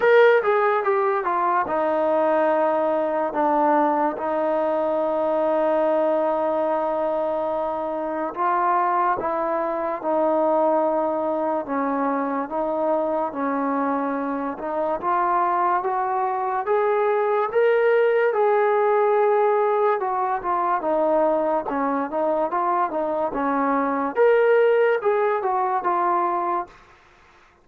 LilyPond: \new Staff \with { instrumentName = "trombone" } { \time 4/4 \tempo 4 = 72 ais'8 gis'8 g'8 f'8 dis'2 | d'4 dis'2.~ | dis'2 f'4 e'4 | dis'2 cis'4 dis'4 |
cis'4. dis'8 f'4 fis'4 | gis'4 ais'4 gis'2 | fis'8 f'8 dis'4 cis'8 dis'8 f'8 dis'8 | cis'4 ais'4 gis'8 fis'8 f'4 | }